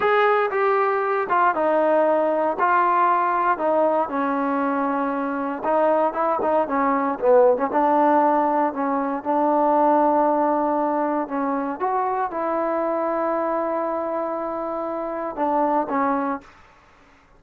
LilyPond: \new Staff \with { instrumentName = "trombone" } { \time 4/4 \tempo 4 = 117 gis'4 g'4. f'8 dis'4~ | dis'4 f'2 dis'4 | cis'2. dis'4 | e'8 dis'8 cis'4 b8. cis'16 d'4~ |
d'4 cis'4 d'2~ | d'2 cis'4 fis'4 | e'1~ | e'2 d'4 cis'4 | }